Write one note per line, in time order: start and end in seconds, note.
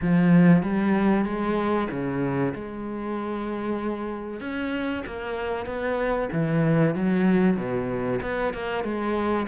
0.01 0.63 F3
0.63 1.25 G3
1.25 1.88 G#3
1.91 2.54 C#3
2.54 4.40 G#3
4.40 5.03 C#4
5.06 5.66 A#3
5.66 6.29 B3
6.32 6.94 E3
6.94 7.56 F#3
7.56 8.19 B2
8.22 8.53 B3
8.53 8.83 A#3
8.83 9.47 G#3